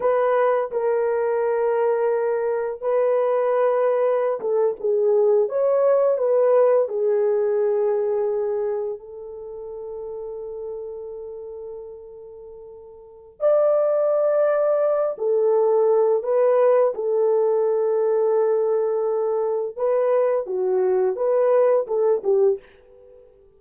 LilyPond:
\new Staff \with { instrumentName = "horn" } { \time 4/4 \tempo 4 = 85 b'4 ais'2. | b'2~ b'16 a'8 gis'4 cis''16~ | cis''8. b'4 gis'2~ gis'16~ | gis'8. a'2.~ a'16~ |
a'2. d''4~ | d''4. a'4. b'4 | a'1 | b'4 fis'4 b'4 a'8 g'8 | }